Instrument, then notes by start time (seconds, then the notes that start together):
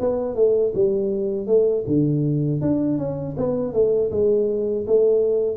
tuba
0.00 B3
0.35 A3
0.74 G3
1.47 A3
1.87 D3
2.61 D4
2.98 C#4
3.37 B3
3.73 A3
4.11 G#3
4.87 A3